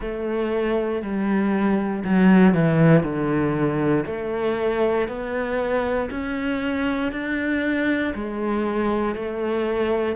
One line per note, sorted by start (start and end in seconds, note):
0.00 1.02 A3
1.02 2.03 G3
2.04 2.54 F#3
2.54 3.03 E3
3.03 4.04 D3
4.06 5.08 A3
5.08 6.09 B3
6.10 7.11 C#4
7.11 8.13 D4
8.14 9.15 G#3
9.15 10.15 A3